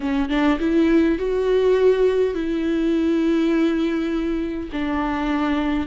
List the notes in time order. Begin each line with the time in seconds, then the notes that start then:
0.00 C#4
0.29 D4
0.59 E4
1.18 F#4
2.34 E4
4.72 D4